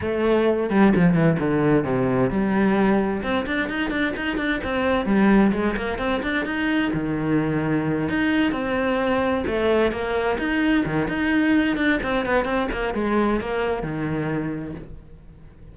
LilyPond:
\new Staff \with { instrumentName = "cello" } { \time 4/4 \tempo 4 = 130 a4. g8 f8 e8 d4 | c4 g2 c'8 d'8 | dis'8 d'8 dis'8 d'8 c'4 g4 | gis8 ais8 c'8 d'8 dis'4 dis4~ |
dis4. dis'4 c'4.~ | c'8 a4 ais4 dis'4 dis8 | dis'4. d'8 c'8 b8 c'8 ais8 | gis4 ais4 dis2 | }